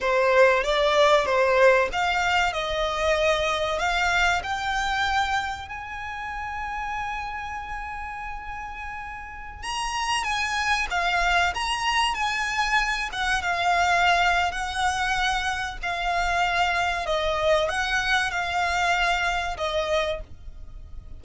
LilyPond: \new Staff \with { instrumentName = "violin" } { \time 4/4 \tempo 4 = 95 c''4 d''4 c''4 f''4 | dis''2 f''4 g''4~ | g''4 gis''2.~ | gis''2.~ gis''16 ais''8.~ |
ais''16 gis''4 f''4 ais''4 gis''8.~ | gis''8. fis''8 f''4.~ f''16 fis''4~ | fis''4 f''2 dis''4 | fis''4 f''2 dis''4 | }